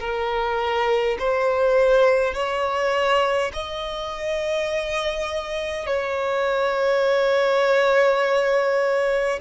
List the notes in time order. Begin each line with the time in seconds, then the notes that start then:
0.00 A#4
1.19 C5
2.34 C#5
3.53 D#5
5.87 C#5